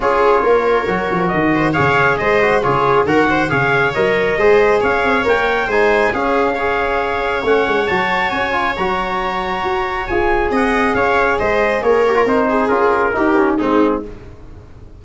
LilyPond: <<
  \new Staff \with { instrumentName = "trumpet" } { \time 4/4 \tempo 4 = 137 cis''2. dis''4 | f''4 dis''4 cis''4 fis''4 | f''4 dis''2 f''4 | g''4 gis''4 f''2~ |
f''4 fis''4 a''4 gis''4 | ais''2. gis''4 | fis''4 f''4 dis''4 cis''4 | c''4 ais'2 gis'4 | }
  \new Staff \with { instrumentName = "viola" } { \time 4/4 gis'4 ais'2~ ais'8 c''8 | cis''4 c''4 gis'4 ais'8 c''8 | cis''2 c''4 cis''4~ | cis''4 c''4 gis'4 cis''4~ |
cis''1~ | cis''1 | dis''4 cis''4 c''4 ais'4~ | ais'8 gis'4. g'4 dis'4 | }
  \new Staff \with { instrumentName = "trombone" } { \time 4/4 f'2 fis'2 | gis'4. fis'8 f'4 fis'4 | gis'4 ais'4 gis'2 | ais'4 dis'4 cis'4 gis'4~ |
gis'4 cis'4 fis'4. f'8 | fis'2. gis'4~ | gis'2.~ gis'8 g'16 f'16 | dis'4 f'4 dis'8 cis'8 c'4 | }
  \new Staff \with { instrumentName = "tuba" } { \time 4/4 cis'4 ais4 fis8 f8 dis4 | cis4 gis4 cis4 dis4 | cis4 fis4 gis4 cis'8 c'8 | ais4 gis4 cis'2~ |
cis'4 a8 gis8 fis4 cis'4 | fis2 fis'4 f'4 | c'4 cis'4 gis4 ais4 | c'4 cis'4 dis'4 gis4 | }
>>